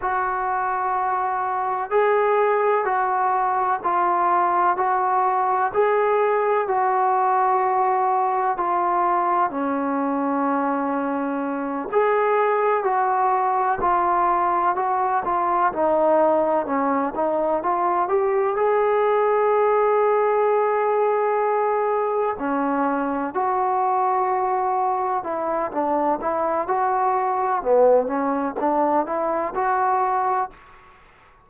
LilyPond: \new Staff \with { instrumentName = "trombone" } { \time 4/4 \tempo 4 = 63 fis'2 gis'4 fis'4 | f'4 fis'4 gis'4 fis'4~ | fis'4 f'4 cis'2~ | cis'8 gis'4 fis'4 f'4 fis'8 |
f'8 dis'4 cis'8 dis'8 f'8 g'8 gis'8~ | gis'2.~ gis'8 cis'8~ | cis'8 fis'2 e'8 d'8 e'8 | fis'4 b8 cis'8 d'8 e'8 fis'4 | }